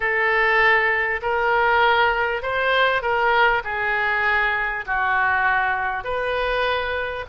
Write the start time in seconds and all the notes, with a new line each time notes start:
0.00 A4
1.22 A#4
2.42 C5
3.01 A#4
3.64 G#4
4.86 F#4
6.04 B4